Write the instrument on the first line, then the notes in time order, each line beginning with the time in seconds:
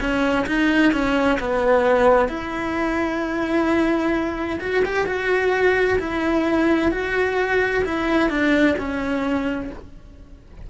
cello
0.00 C#4
0.47 D#4
0.92 C#4
1.40 B3
2.29 E4
4.60 F#4
4.85 G4
5.06 F#4
5.99 E4
6.91 F#4
7.85 E4
8.30 D4
8.78 C#4